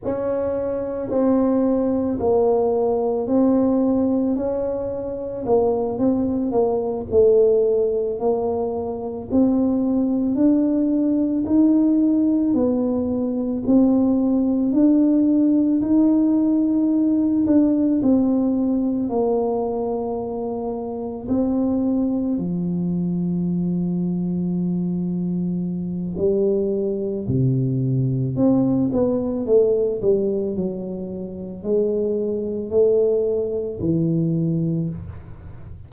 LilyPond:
\new Staff \with { instrumentName = "tuba" } { \time 4/4 \tempo 4 = 55 cis'4 c'4 ais4 c'4 | cis'4 ais8 c'8 ais8 a4 ais8~ | ais8 c'4 d'4 dis'4 b8~ | b8 c'4 d'4 dis'4. |
d'8 c'4 ais2 c'8~ | c'8 f2.~ f8 | g4 c4 c'8 b8 a8 g8 | fis4 gis4 a4 e4 | }